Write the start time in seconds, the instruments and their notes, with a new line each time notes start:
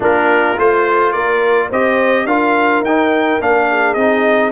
0.00 tuba A#3, trombone D4, horn F4, trumpet A#4
0.57 tuba A3, trombone F4, trumpet C5
1.12 tuba A#3, horn A#4, trumpet D5
1.69 tuba C4, trombone G4, horn C5, trumpet D#5
2.24 tuba D4, trombone F4, horn A#4, trumpet F5
2.81 tuba D#4, trumpet G5
2.87 trombone D#4
3.40 tuba A#3, trombone D4, trumpet F5
3.70 horn G#4
3.94 tuba C4, trombone D#4, trumpet D#5